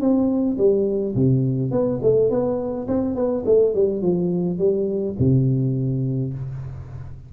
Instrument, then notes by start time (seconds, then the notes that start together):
tuba
0.00 C4
0.57 G3
1.15 C3
1.71 B3
2.02 A3
2.30 B3
2.88 C4
3.15 B3
3.45 A3
3.74 G3
4.01 F3
4.58 G3
5.19 C3